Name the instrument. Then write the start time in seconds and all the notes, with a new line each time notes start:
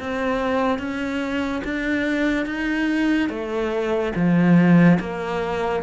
cello
0.00 C4
0.79 C#4
1.64 D4
2.46 D#4
3.29 A3
4.16 F3
5.00 A#3